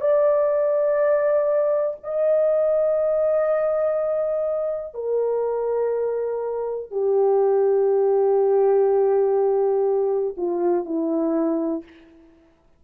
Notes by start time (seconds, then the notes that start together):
0.00 D5
2.03 D#5
4.94 A#4
6.91 G4
10.36 F4
10.85 E4